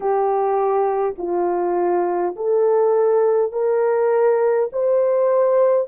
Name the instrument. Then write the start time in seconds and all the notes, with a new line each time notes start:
horn
0.00 G4
1.18 F4
2.36 A4
3.51 A#4
4.72 C5